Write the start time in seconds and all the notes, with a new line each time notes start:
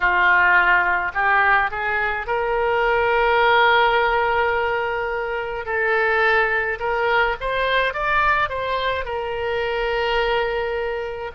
0.00 F4
1.14 G4
1.70 G#4
2.26 A#4
5.66 A4
6.79 A#4
7.40 C5
7.93 D5
8.49 C5
9.04 A#4